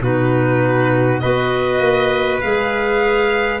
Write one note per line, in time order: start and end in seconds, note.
0.00 1.20 B2
0.00 1.21 D#4
0.00 1.22 F#4
0.00 1.20 B4
1.20 1.79 B3
1.20 2.41 F#4
1.20 3.60 B4
1.20 2.40 D#5
1.79 2.39 A#3
2.40 3.60 G#3
2.40 3.60 G#4
2.40 3.60 F5